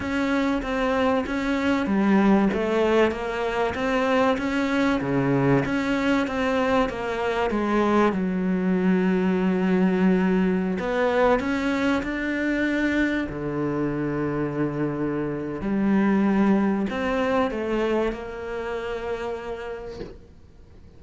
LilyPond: \new Staff \with { instrumentName = "cello" } { \time 4/4 \tempo 4 = 96 cis'4 c'4 cis'4 g4 | a4 ais4 c'4 cis'4 | cis4 cis'4 c'4 ais4 | gis4 fis2.~ |
fis4~ fis16 b4 cis'4 d'8.~ | d'4~ d'16 d2~ d8.~ | d4 g2 c'4 | a4 ais2. | }